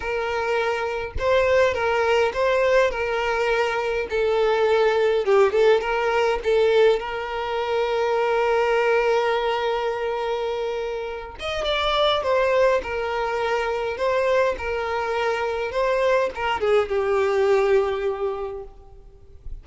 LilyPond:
\new Staff \with { instrumentName = "violin" } { \time 4/4 \tempo 4 = 103 ais'2 c''4 ais'4 | c''4 ais'2 a'4~ | a'4 g'8 a'8 ais'4 a'4 | ais'1~ |
ais'2.~ ais'8 dis''8 | d''4 c''4 ais'2 | c''4 ais'2 c''4 | ais'8 gis'8 g'2. | }